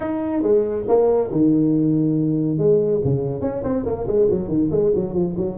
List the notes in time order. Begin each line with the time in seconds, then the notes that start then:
0.00 D#4
0.42 G#3
0.87 A#3
1.31 D#3
2.58 G#3
3.04 C#3
3.41 C#4
3.63 C4
3.85 A#3
4.07 G#3
4.30 F#3
4.48 D#3
4.71 G#3
4.95 F#3
5.13 F3
5.36 F#3